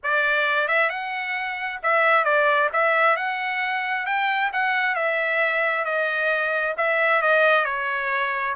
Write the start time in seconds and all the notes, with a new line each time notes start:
0.03 D5
0.68 E5
0.89 F#5
1.82 E5
2.24 D5
2.72 E5
3.16 F#5
4.06 G5
4.52 F#5
4.95 E5
5.84 D#5
6.77 E5
7.22 D#5
7.65 C#5